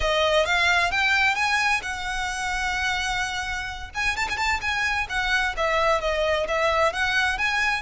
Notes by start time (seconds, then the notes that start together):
0.00 D#5
0.45 F5
0.91 G5
1.35 G#5
1.82 F#5
3.94 G#5
4.16 A5
4.29 G#5
4.37 A5
4.61 G#5
5.09 F#5
5.56 E5
6.00 D#5
6.47 E5
6.92 F#5
7.38 G#5